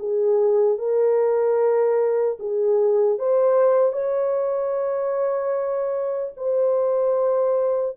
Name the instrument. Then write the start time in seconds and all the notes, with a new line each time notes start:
horn
0.00 G#4
0.79 A#4
2.40 G#4
3.19 C5
3.93 C#5
6.37 C5